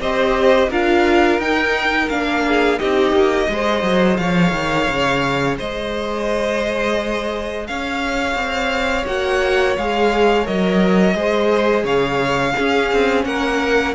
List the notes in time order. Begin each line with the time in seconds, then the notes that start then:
0.00 C4 G4 C5 D#5
0.70 D4 F4 A#4 F5
1.39 D#4 G5
2.09 A#3 D4 F5
2.48 G#4
2.79 C4 D#4 G4 D#5
3.12 A#3
3.50 G#3 G#4 C5
3.83 F#3
4.17 F3 C#5 F5
4.52 D#3
4.89 C#3
5.58 G#3 C5 D#5
7.67 C#4 C#5 F5
8.36 C4
9.07 A#3 F#4 F#5
9.78 G#3 G#4 F5
10.45 F#3 A#4 D#5
11.15 G#3 G#4 C5
11.84 C#3 C#5 F5
12.57 C#4 G#4
12.93 C4
13.25 A#3 A#4 F#5